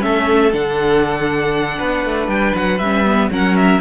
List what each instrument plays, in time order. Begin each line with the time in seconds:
0.00 cello A3, viola C#4, violin A4 E5
0.53 cello D3, viola D4, violin F#5
1.79 cello B3, violin B4
2.05 cello A3
2.28 cello G3, violin G5
2.56 cello F#3, violin F#5
2.79 cello G3, viola C#4, violin E5
3.06 viola B3
3.31 cello F#3, viola C#4, violin A#4 F#5
3.57 violin E5